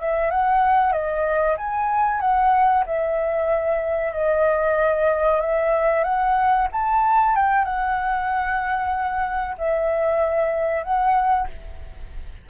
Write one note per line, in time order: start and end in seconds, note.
0.00 0.31 E5
0.31 0.92 F#5
0.92 1.56 D#5
1.57 2.21 G#5
2.21 2.84 F#5
2.86 4.13 E5
4.13 5.41 D#5
5.41 6.04 E5
6.04 6.68 F#5
6.72 7.36 A5
7.36 7.65 G5
7.65 9.56 F#5
9.57 10.83 E5
10.83 11.47 F#5